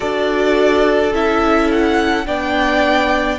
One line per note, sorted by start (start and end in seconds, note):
0.00 1.13 D4
0.00 1.12 F#4
0.00 2.25 A4
0.00 1.12 D5
1.13 2.26 C#4
1.13 2.26 E4
1.13 1.71 E5
1.71 2.26 F#5
2.26 3.39 B3
2.26 3.39 D4
2.26 3.39 D5
2.26 3.39 G5